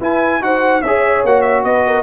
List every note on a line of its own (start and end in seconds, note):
0.00 0.41 E4
0.00 0.42 E4
0.00 0.41 B4
0.00 0.44 G#5
0.41 0.82 D#4
0.41 0.83 F#4
0.41 0.84 C5
0.41 0.82 F#5
0.82 1.24 C#4
0.82 1.28 G#4
0.82 1.65 C#5
0.82 1.23 E5
1.24 1.65 A#3
1.24 2.03 F#4
1.24 1.42 F#5
1.42 1.62 E5
1.65 2.03 B3
1.65 1.86 B4
1.65 2.03 D#5
1.87 2.03 A#4